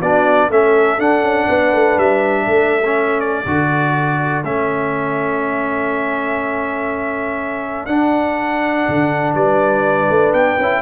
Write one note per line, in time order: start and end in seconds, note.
0.00 0.50 B3
0.00 0.51 D4
0.00 0.49 F#4
0.00 0.51 D5
0.50 0.99 A3
0.50 0.99 C#4
0.50 1.48 A4
0.50 1.00 E5
0.99 2.83 D4
0.99 1.23 D4
0.99 1.99 F#5
1.23 1.47 C#4
1.48 1.73 B3
1.48 2.45 B4
1.73 1.97 A3
1.97 2.47 G3
1.97 3.20 E5
2.45 3.45 A3
2.45 9.34 A4
2.85 3.46 C#4
3.20 4.43 D5
3.46 4.44 D3
3.46 4.44 F#4
4.44 7.87 A3
4.44 7.89 C#4
4.44 7.86 E5
7.86 8.85 D4
7.86 10.60 D4
7.86 9.34 F#5
8.88 9.34 D3
9.34 10.08 G3
9.34 10.82 B4
9.34 10.33 D5
10.10 10.33 A3
10.33 10.58 B3
10.33 10.82 G5
10.59 10.82 C#4
10.59 10.82 E4